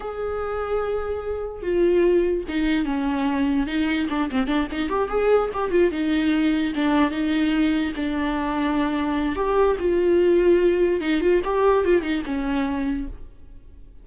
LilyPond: \new Staff \with { instrumentName = "viola" } { \time 4/4 \tempo 4 = 147 gis'1 | f'2 dis'4 cis'4~ | cis'4 dis'4 d'8 c'8 d'8 dis'8 | g'8 gis'4 g'8 f'8 dis'4.~ |
dis'8 d'4 dis'2 d'8~ | d'2. g'4 | f'2. dis'8 f'8 | g'4 f'8 dis'8 cis'2 | }